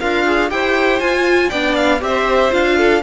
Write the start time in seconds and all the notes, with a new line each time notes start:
0.00 D4 F4 A#4 F5
0.26 G#4
0.50 E4 G4 C5 G5
1.00 F4 G#5
1.49 B3 D4 D5 G5
1.75 F5
2.00 C4 G4 E5
2.06 C5
2.51 D4 F4 F5
2.77 A4